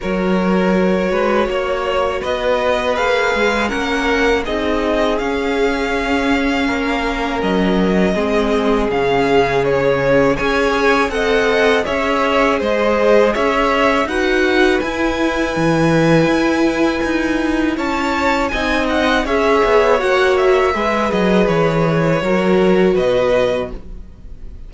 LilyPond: <<
  \new Staff \with { instrumentName = "violin" } { \time 4/4 \tempo 4 = 81 cis''2. dis''4 | f''4 fis''4 dis''4 f''4~ | f''2 dis''2 | f''4 cis''4 gis''4 fis''4 |
e''4 dis''4 e''4 fis''4 | gis''1 | a''4 gis''8 fis''8 e''4 fis''8 e''8~ | e''8 dis''8 cis''2 dis''4 | }
  \new Staff \with { instrumentName = "violin" } { \time 4/4 ais'4. b'8 cis''4 b'4~ | b'4 ais'4 gis'2~ | gis'4 ais'2 gis'4~ | gis'2 cis''4 dis''4 |
cis''4 c''4 cis''4 b'4~ | b'1 | cis''4 dis''4 cis''2 | b'2 ais'4 b'4 | }
  \new Staff \with { instrumentName = "viola" } { \time 4/4 fis'1 | gis'4 cis'4 dis'4 cis'4~ | cis'2. c'4 | cis'2 gis'4 a'4 |
gis'2. fis'4 | e'1~ | e'4 dis'4 gis'4 fis'4 | gis'2 fis'2 | }
  \new Staff \with { instrumentName = "cello" } { \time 4/4 fis4. gis8 ais4 b4 | ais8 gis8 ais4 c'4 cis'4~ | cis'4 ais4 fis4 gis4 | cis2 cis'4 c'4 |
cis'4 gis4 cis'4 dis'4 | e'4 e4 e'4 dis'4 | cis'4 c'4 cis'8 b8 ais4 | gis8 fis8 e4 fis4 b,4 | }
>>